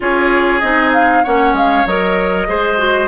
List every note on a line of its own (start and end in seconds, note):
0.00 0.62 C#4
0.00 0.61 F4
0.00 1.23 G#4
0.00 0.59 C#5
0.59 1.24 C4
0.59 1.24 D#4
0.59 0.90 D#5
0.93 1.24 F5
1.23 1.53 A#3
1.23 1.87 C#4
1.23 2.47 C#5
1.23 1.55 F#5
1.53 1.84 G#3
1.53 1.86 F5
1.85 2.47 F#3
1.85 2.47 A#4
1.85 3.07 D#5
2.47 3.07 G#3
2.47 2.77 G#4
2.47 3.07 C5
2.77 3.07 F#4